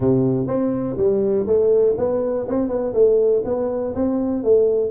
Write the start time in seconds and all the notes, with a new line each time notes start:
0.00 C3
0.47 C4
0.97 G3
1.46 A3
1.97 B3
2.48 C4
2.68 B3
2.93 A3
3.44 B3
3.94 C4
4.43 A3